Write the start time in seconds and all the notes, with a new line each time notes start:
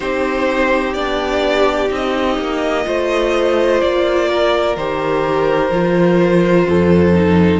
0.00 C4 D#4 G4 C5
0.93 B3 D4 D5
1.88 C4 D#4
1.95 D#5
2.37 A#3
2.84 A3 F4 C5
3.81 A#3 D5
4.28 A#4
4.76 D#3 G4 C5
5.70 F3 F4
6.66 F2 A4
7.13 D#4